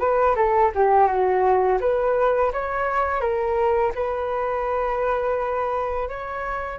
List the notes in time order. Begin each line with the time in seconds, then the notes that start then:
0.00 B4
0.36 A4
0.75 G4
1.07 F#4
1.81 B4
2.53 C#5
3.21 A#4
3.95 B4
6.09 C#5